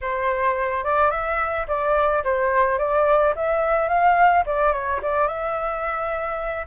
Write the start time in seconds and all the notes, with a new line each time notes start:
0.01 C5
0.84 D5
1.11 E5
1.67 D5
2.23 C5
2.78 D5
3.35 E5
3.88 F5
4.46 D5
4.72 C#5
5.02 D5
5.27 E5